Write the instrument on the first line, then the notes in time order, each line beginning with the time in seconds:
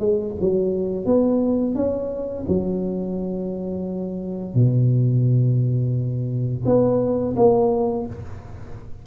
tuba
0.00 G#3
0.41 F#3
1.06 B3
1.76 C#4
2.49 F#3
4.55 B2
6.66 B3
7.37 A#3